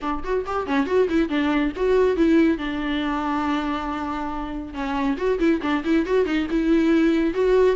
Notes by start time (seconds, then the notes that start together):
0.01 D4
0.23 F#4
0.46 G4
0.66 C#4
0.86 F#4
1.09 E4
1.29 D4
1.76 F#4
2.16 E4
2.57 D4
4.73 C#4
5.17 F#4
5.39 E4
5.62 D4
5.84 E4
6.06 F#4
6.25 D#4
6.50 E4
7.34 F#4